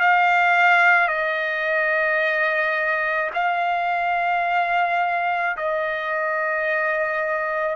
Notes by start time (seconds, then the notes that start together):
0.00 F5
1.08 D#5
3.34 F5
5.57 D#5